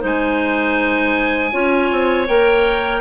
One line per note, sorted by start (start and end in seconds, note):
0.00 1.53 G#3
0.00 1.50 D#4
0.00 1.51 C5
0.06 2.28 G#5
1.52 1.91 C#4
1.52 2.27 F4
1.52 3.02 C#5
1.92 2.28 C4
2.27 3.02 A#3
2.27 3.02 A#4
2.27 3.02 G5